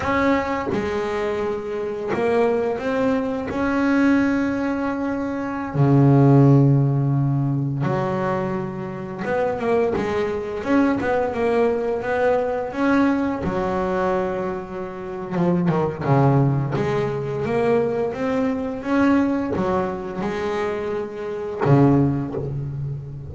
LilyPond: \new Staff \with { instrumentName = "double bass" } { \time 4/4 \tempo 4 = 86 cis'4 gis2 ais4 | c'4 cis'2.~ | cis'16 cis2. fis8.~ | fis4~ fis16 b8 ais8 gis4 cis'8 b16~ |
b16 ais4 b4 cis'4 fis8.~ | fis2 f8 dis8 cis4 | gis4 ais4 c'4 cis'4 | fis4 gis2 cis4 | }